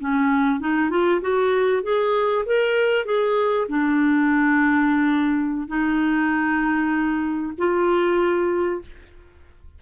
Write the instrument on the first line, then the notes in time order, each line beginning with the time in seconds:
clarinet
0.00 C#4
0.60 D#4
0.90 F4
1.21 F#4
1.83 G#4
2.46 A#4
3.05 G#4
3.68 D4
5.67 D#4
7.58 F4